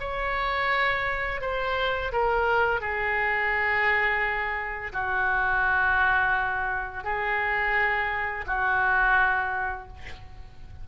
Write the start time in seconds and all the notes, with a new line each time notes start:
0.00 C#5
1.41 C5
2.12 A#4
2.80 G#4
4.93 F#4
7.04 G#4
8.47 F#4